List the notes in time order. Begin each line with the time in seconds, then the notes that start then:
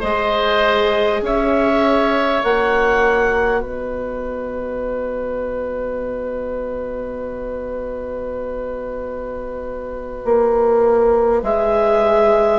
0.00 G#3 G#4 C5 D#5
1.22 C#4 C#5 E5
2.40 A#3 F#4 F#5
3.60 B3 B4 D#5
10.25 A#3
11.42 G#3 G#4 E5